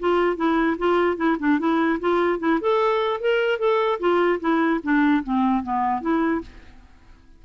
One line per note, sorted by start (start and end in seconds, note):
0.00 0.37 F4
0.37 0.77 E4
0.79 1.17 F4
1.17 1.37 E4
1.40 1.59 D4
1.59 2.00 E4
2.00 2.40 F4
2.40 2.60 E4
2.61 3.21 A4
3.21 3.59 A#4
3.59 4.00 A4
4.00 4.40 F4
4.40 4.81 E4
4.83 5.24 D4
5.24 5.64 C4
5.64 6.01 B3
6.01 6.42 E4